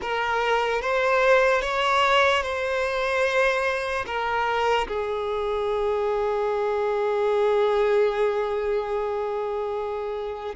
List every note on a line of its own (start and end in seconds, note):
0.01 0.81 A#4
0.81 1.61 C5
1.61 2.43 C#5
2.43 4.05 C5
4.06 4.87 A#4
4.87 10.55 G#4